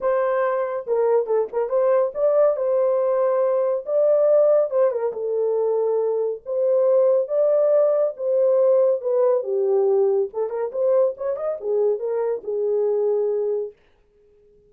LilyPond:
\new Staff \with { instrumentName = "horn" } { \time 4/4 \tempo 4 = 140 c''2 ais'4 a'8 ais'8 | c''4 d''4 c''2~ | c''4 d''2 c''8 ais'8 | a'2. c''4~ |
c''4 d''2 c''4~ | c''4 b'4 g'2 | a'8 ais'8 c''4 cis''8 dis''8 gis'4 | ais'4 gis'2. | }